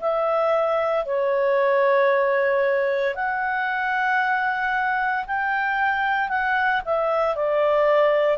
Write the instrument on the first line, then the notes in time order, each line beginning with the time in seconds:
clarinet
0.00 E5
1.05 C#5
3.15 F#5
5.26 G5
6.29 F#5
6.85 E5
7.35 D5